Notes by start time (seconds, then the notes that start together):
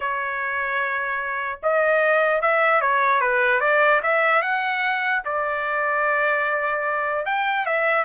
0.00 C#5
1.62 D#5
2.41 E5
2.81 C#5
3.20 B4
3.60 D5
4.02 E5
4.41 F#5
5.24 D5
7.25 G5
7.66 E5